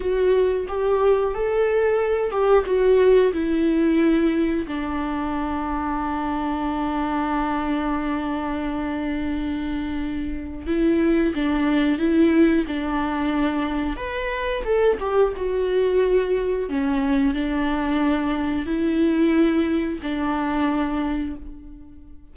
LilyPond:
\new Staff \with { instrumentName = "viola" } { \time 4/4 \tempo 4 = 90 fis'4 g'4 a'4. g'8 | fis'4 e'2 d'4~ | d'1~ | d'1 |
e'4 d'4 e'4 d'4~ | d'4 b'4 a'8 g'8 fis'4~ | fis'4 cis'4 d'2 | e'2 d'2 | }